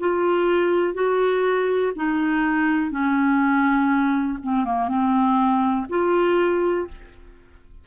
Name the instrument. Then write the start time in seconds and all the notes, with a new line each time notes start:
clarinet
0.00 F4
0.94 F#4
1.96 D#4
2.91 C#4
4.44 C4
4.65 A#3
4.89 C4
5.89 F4